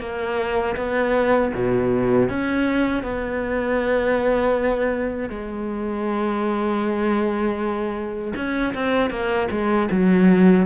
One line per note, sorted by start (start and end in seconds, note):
0.00 0.76 A#3
0.77 1.53 B3
1.54 2.29 B2
2.29 3.03 C#4
3.03 5.30 B3
5.30 8.33 G#3
8.36 8.74 C#4
8.74 9.10 C4
9.10 9.48 A#3
9.51 9.89 G#3
9.91 10.66 F#3